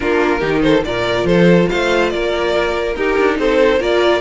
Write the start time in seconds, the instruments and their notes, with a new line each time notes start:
0.00 cello A#3, viola D4, violin F4 A#4
0.39 cello D#3, viola D#4, violin G4
0.62 violin A4 C5
0.84 cello A#2, viola F4, violin A#4 D5
1.24 cello F3, violin A4 C5
1.69 cello A3, violin C5 F5
2.09 cello A#3, violin A#4 D5
2.94 viola D#4, cello D#4, violin G4 A#4
3.18 cello D4
3.38 cello C4, violin A4 C5
3.79 cello A#3, viola F4, violin A#4 D5